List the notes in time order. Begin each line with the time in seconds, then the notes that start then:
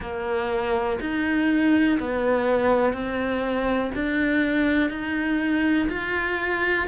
0.00 A#3
1.00 D#4
1.99 B3
2.92 C4
3.94 D4
4.90 D#4
5.89 F4